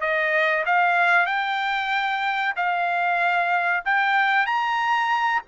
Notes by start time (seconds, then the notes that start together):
0.00 D#5
0.65 F5
1.26 G5
2.56 F5
3.84 G5
4.46 A#5